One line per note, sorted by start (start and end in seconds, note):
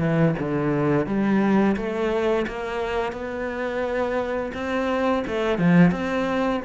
0.00 0.35 E3
0.39 1.07 D3
1.07 1.76 G3
1.77 2.46 A3
2.48 3.13 A#3
3.13 4.53 B3
4.54 5.24 C4
5.28 5.59 A3
5.59 5.91 F3
5.91 6.61 C4